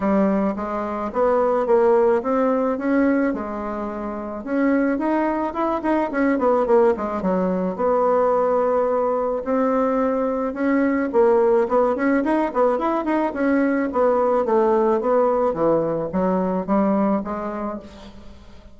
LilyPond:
\new Staff \with { instrumentName = "bassoon" } { \time 4/4 \tempo 4 = 108 g4 gis4 b4 ais4 | c'4 cis'4 gis2 | cis'4 dis'4 e'8 dis'8 cis'8 b8 | ais8 gis8 fis4 b2~ |
b4 c'2 cis'4 | ais4 b8 cis'8 dis'8 b8 e'8 dis'8 | cis'4 b4 a4 b4 | e4 fis4 g4 gis4 | }